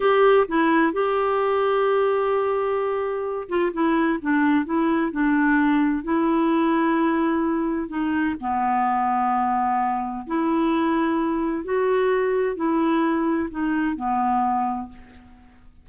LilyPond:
\new Staff \with { instrumentName = "clarinet" } { \time 4/4 \tempo 4 = 129 g'4 e'4 g'2~ | g'2.~ g'8 f'8 | e'4 d'4 e'4 d'4~ | d'4 e'2.~ |
e'4 dis'4 b2~ | b2 e'2~ | e'4 fis'2 e'4~ | e'4 dis'4 b2 | }